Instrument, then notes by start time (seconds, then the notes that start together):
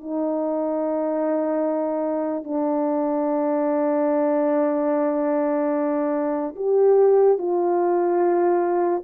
horn
0.00 D#4
2.44 D4
6.55 G4
7.38 F4